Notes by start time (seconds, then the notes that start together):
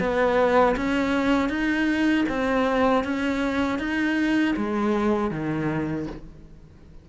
0.00 B3
0.77 C#4
1.49 D#4
2.29 C4
3.04 C#4
3.79 D#4
4.57 G#3
5.31 D#3